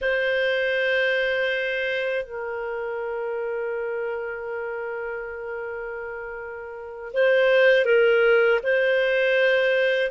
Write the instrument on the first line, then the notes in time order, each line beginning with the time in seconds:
clarinet
0.01 C5
2.25 A#4
7.13 C5
7.85 A#4
8.63 C5